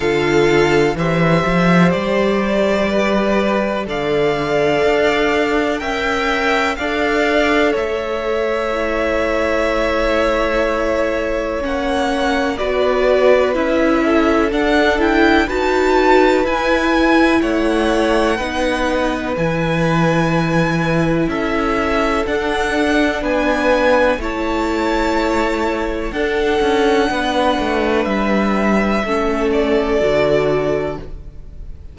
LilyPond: <<
  \new Staff \with { instrumentName = "violin" } { \time 4/4 \tempo 4 = 62 f''4 e''4 d''2 | f''2 g''4 f''4 | e''1 | fis''4 d''4 e''4 fis''8 g''8 |
a''4 gis''4 fis''2 | gis''2 e''4 fis''4 | gis''4 a''2 fis''4~ | fis''4 e''4. d''4. | }
  \new Staff \with { instrumentName = "violin" } { \time 4/4 a'4 c''2 b'4 | d''2 e''4 d''4 | cis''1~ | cis''4 b'4. a'4. |
b'2 cis''4 b'4~ | b'2 a'2 | b'4 cis''2 a'4 | b'2 a'2 | }
  \new Staff \with { instrumentName = "viola" } { \time 4/4 f'4 g'2. | a'2 ais'4 a'4~ | a'4 e'2. | cis'4 fis'4 e'4 d'8 e'8 |
fis'4 e'2 dis'4 | e'2. d'4~ | d'4 e'2 d'4~ | d'2 cis'4 fis'4 | }
  \new Staff \with { instrumentName = "cello" } { \time 4/4 d4 e8 f8 g2 | d4 d'4 cis'4 d'4 | a1 | ais4 b4 cis'4 d'4 |
dis'4 e'4 a4 b4 | e2 cis'4 d'4 | b4 a2 d'8 cis'8 | b8 a8 g4 a4 d4 | }
>>